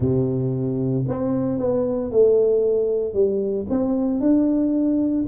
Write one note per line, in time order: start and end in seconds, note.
0.00 1.05 C3
1.08 1.58 C4
1.58 2.11 B3
2.11 3.13 A3
3.13 3.66 G3
3.69 4.20 C4
4.20 5.25 D4